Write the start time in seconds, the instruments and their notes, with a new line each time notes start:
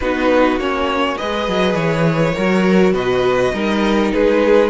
0.00 cello B3, viola D#4, violin F#4 B4
0.56 cello A#3, viola C#4, violin C#5
1.17 cello G#3, viola G#4, violin B4 D#5
1.48 cello F#3
1.74 cello E3, violin C#5
2.34 cello F#3, viola F#4, violin A#4
2.93 cello B2, violin B4 D#5
3.53 cello G3, viola D#4, violin A#4
4.12 cello G#3, violin G#4 B4